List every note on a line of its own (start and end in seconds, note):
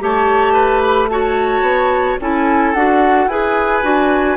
0.00 1.62 A3
0.00 1.09 G4
0.00 0.53 C#5
0.00 0.81 A5
0.53 1.08 B4
0.81 1.08 B5
1.10 2.20 F#4
1.10 2.21 C#5
1.10 2.19 A5
1.62 2.16 B3
2.21 2.75 C#4
2.21 2.76 E4
2.21 3.30 A4
2.21 2.74 G#5
2.74 3.27 D4
2.74 3.30 F#4
2.74 3.28 F#5
3.27 3.82 E4
3.27 3.83 G#4
3.27 4.37 B4
3.27 4.37 G#5
3.83 4.37 D4
3.83 4.37 F#4